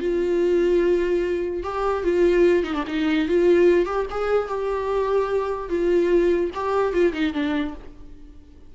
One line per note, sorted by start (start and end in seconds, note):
0.00 1.63 F4
1.63 2.03 G4
2.03 2.63 F4
2.63 2.74 D#4
2.74 2.84 D4
2.87 3.28 D#4
3.28 3.86 F4
3.86 4.06 G4
4.10 4.48 G#4
4.48 5.69 G4
5.69 6.51 F4
6.54 6.93 G4
6.93 7.13 F4
7.13 7.33 D#4
7.33 7.74 D4